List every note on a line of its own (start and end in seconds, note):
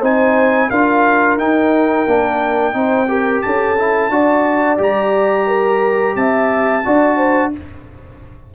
0.00 0.70 C4
0.00 0.71 D#4
0.00 0.68 C5
0.00 0.70 G#5
0.70 1.37 D4
0.70 1.39 F4
0.70 2.75 A#4
0.70 1.38 F5
1.37 2.05 D#4
1.37 2.07 D#4
1.37 3.42 G5
2.07 2.74 A#3
2.07 2.73 D4
2.73 3.42 C4
2.73 3.07 D#4
2.73 3.09 C5
3.08 3.76 G4
3.08 3.44 A#4
3.42 4.10 C#4
3.42 4.12 A4
3.42 4.78 A5
3.78 4.11 E4
4.10 4.78 D4
4.10 4.78 F#4
4.10 5.47 D5
4.78 6.16 G3
4.78 6.82 G4
4.78 6.16 A#5
5.47 6.15 A#4
6.16 6.84 C4
6.16 6.86 E5
6.16 7.53 A5
6.85 7.55 D4
6.85 7.53 F#4
6.85 7.17 D5
7.17 7.51 C5